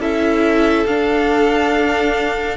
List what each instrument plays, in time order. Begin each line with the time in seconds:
0.00 cello C#4, viola E4, violin A4 E5
0.87 cello D4, viola D4, violin F5